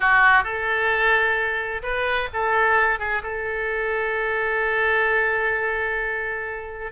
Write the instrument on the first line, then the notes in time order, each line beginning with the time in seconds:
oboe
0.00 F#4
0.43 A4
1.82 B4
2.33 A4
2.99 G#4
3.23 A4